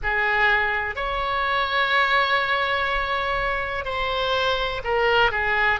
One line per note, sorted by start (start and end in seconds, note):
0.03 0.95 G#4
0.95 3.84 C#5
3.84 4.81 C5
4.84 5.30 A#4
5.30 5.79 G#4